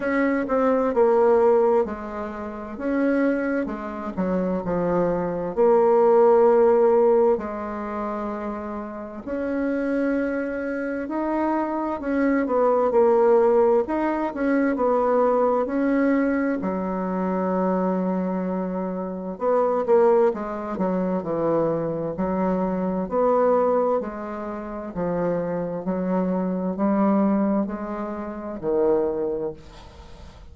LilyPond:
\new Staff \with { instrumentName = "bassoon" } { \time 4/4 \tempo 4 = 65 cis'8 c'8 ais4 gis4 cis'4 | gis8 fis8 f4 ais2 | gis2 cis'2 | dis'4 cis'8 b8 ais4 dis'8 cis'8 |
b4 cis'4 fis2~ | fis4 b8 ais8 gis8 fis8 e4 | fis4 b4 gis4 f4 | fis4 g4 gis4 dis4 | }